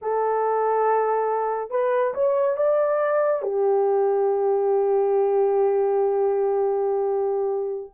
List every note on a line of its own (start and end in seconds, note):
0.01 1.70 A4
1.70 2.13 B4
2.14 2.56 C#5
2.56 3.42 D5
3.42 7.92 G4